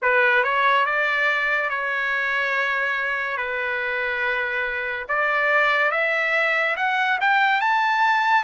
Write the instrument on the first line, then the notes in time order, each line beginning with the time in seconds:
trumpet
0.02 B4
0.43 C#5
0.85 D5
1.69 C#5
3.36 B4
5.08 D5
5.91 E5
6.76 F#5
7.20 G5
7.61 A5